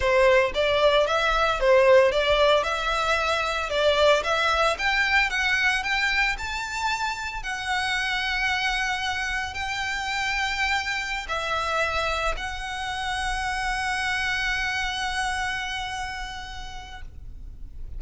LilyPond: \new Staff \with { instrumentName = "violin" } { \time 4/4 \tempo 4 = 113 c''4 d''4 e''4 c''4 | d''4 e''2 d''4 | e''4 g''4 fis''4 g''4 | a''2 fis''2~ |
fis''2 g''2~ | g''4~ g''16 e''2 fis''8.~ | fis''1~ | fis''1 | }